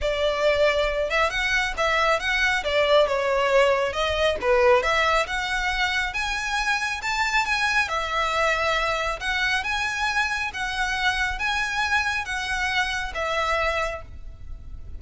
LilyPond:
\new Staff \with { instrumentName = "violin" } { \time 4/4 \tempo 4 = 137 d''2~ d''8 e''8 fis''4 | e''4 fis''4 d''4 cis''4~ | cis''4 dis''4 b'4 e''4 | fis''2 gis''2 |
a''4 gis''4 e''2~ | e''4 fis''4 gis''2 | fis''2 gis''2 | fis''2 e''2 | }